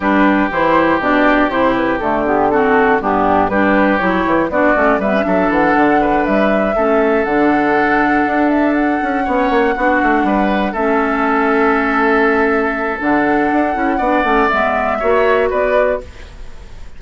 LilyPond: <<
  \new Staff \with { instrumentName = "flute" } { \time 4/4 \tempo 4 = 120 b'4 c''4 d''4 c''8 b'8 | a'8 g'8 a'4 g'4 b'4 | cis''4 d''4 e''4 fis''4~ | fis''8 e''2 fis''4.~ |
fis''4 e''8 fis''2~ fis''8~ | fis''4. e''2~ e''8~ | e''2 fis''2~ | fis''4 e''2 d''4 | }
  \new Staff \with { instrumentName = "oboe" } { \time 4/4 g'1~ | g'4 fis'4 d'4 g'4~ | g'4 fis'4 b'8 a'4. | b'4. a'2~ a'8~ |
a'2~ a'8 cis''4 fis'8~ | fis'8 b'4 a'2~ a'8~ | a'1 | d''2 cis''4 b'4 | }
  \new Staff \with { instrumentName = "clarinet" } { \time 4/4 d'4 e'4 d'4 e'4 | a8 b8 c'4 b4 d'4 | e'4 d'8 cis'8 b16 cis'16 d'4.~ | d'4. cis'4 d'4.~ |
d'2~ d'8 cis'4 d'8~ | d'4. cis'2~ cis'8~ | cis'2 d'4. e'8 | d'8 cis'8 b4 fis'2 | }
  \new Staff \with { instrumentName = "bassoon" } { \time 4/4 g4 e4 b,4 c4 | d2 g,4 g4 | fis8 e8 b8 a8 g8 fis8 e8 d8~ | d8 g4 a4 d4.~ |
d8 d'4. cis'8 b8 ais8 b8 | a8 g4 a2~ a8~ | a2 d4 d'8 cis'8 | b8 a8 gis4 ais4 b4 | }
>>